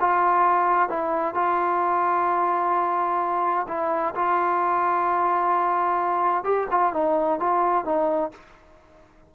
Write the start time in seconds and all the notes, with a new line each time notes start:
0.00 F4
0.89 E4
1.34 F4
3.68 E4
4.15 F4
6.44 G4
6.71 F4
6.93 D#4
7.39 F4
7.85 D#4